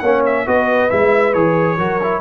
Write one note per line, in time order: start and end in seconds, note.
0.00 0.47 A#3
0.00 0.47 C#4
0.00 0.45 C#5
0.00 0.22 F#5
0.26 0.48 E5
0.47 0.91 B3
0.47 0.91 F#4
0.47 1.78 B4
0.47 0.91 D#5
0.91 1.35 G#3
0.91 1.35 E4
0.91 1.34 E5
1.34 1.78 E3
1.34 1.78 G#4
1.34 2.22 C#5
1.78 2.22 F#3
1.78 2.01 F#4
1.78 2.22 A#4
2.03 2.22 E4